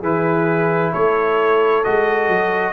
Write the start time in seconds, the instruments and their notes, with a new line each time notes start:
0.00 tuba E3, trombone E4, horn G#4, trumpet B4
0.92 tuba A3, horn A4, trumpet C#5
1.84 tuba G#3, trombone F#4, trumpet D#5
2.29 tuba F#3